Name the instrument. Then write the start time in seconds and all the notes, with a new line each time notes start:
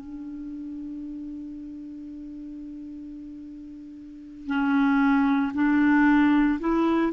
clarinet
0.00 D4
4.47 C#4
5.54 D4
6.60 E4